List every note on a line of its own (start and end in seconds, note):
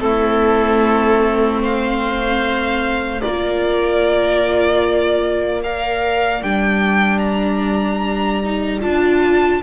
0.00 3.22 A3
0.00 3.20 C4
0.00 1.63 E4
0.00 1.61 A4
1.63 3.23 C5
1.63 3.22 F5
3.22 6.43 A#3
3.22 5.64 F4
3.22 5.64 A#4
3.22 5.62 D5
5.64 6.44 A#4
5.64 9.63 D5
5.64 6.43 F5
6.43 8.83 G3
6.43 8.44 D4
6.43 7.19 G5
7.19 8.79 A#5
8.44 8.81 D#4
8.81 9.63 D4
8.81 9.61 F4
8.81 9.62 A5